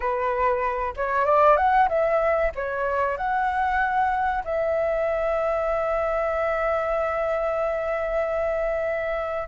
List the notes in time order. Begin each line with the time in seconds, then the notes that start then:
0.00 B4
0.96 C#5
1.25 D5
1.56 F#5
1.88 E5
2.55 C#5
3.17 F#5
4.44 E5